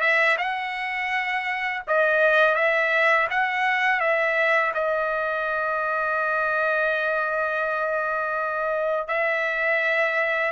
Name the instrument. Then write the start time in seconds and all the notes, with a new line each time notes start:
trumpet
0.00 E5
0.37 F#5
1.87 D#5
2.55 E5
3.30 F#5
4.00 E5
4.74 D#5
9.08 E5